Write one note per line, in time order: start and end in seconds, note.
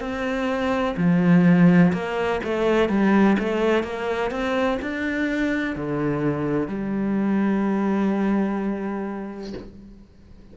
0.00 0.95 C4
0.97 1.93 F3
1.94 2.41 A#3
2.44 2.90 A3
2.90 3.37 G3
3.39 3.84 A3
3.84 4.31 A#3
4.31 4.79 C4
4.82 5.76 D4
5.76 6.68 D3
6.68 9.54 G3